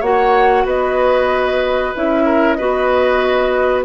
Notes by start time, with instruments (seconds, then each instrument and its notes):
0.00 bassoon A#3, clarinet F#4, oboe C#5, flute F#5
0.65 bassoon B3, oboe B4, flute D#5
1.96 bassoon C#4, clarinet E4, flute E5
2.26 oboe A#4
2.54 bassoon B3, clarinet F#4, oboe B4, flute D#5